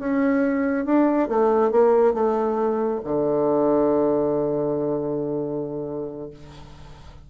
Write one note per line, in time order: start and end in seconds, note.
0.00 0.86 C#4
0.86 1.29 D4
1.29 1.72 A3
1.72 2.14 A#3
2.14 3.01 A3
3.05 6.31 D3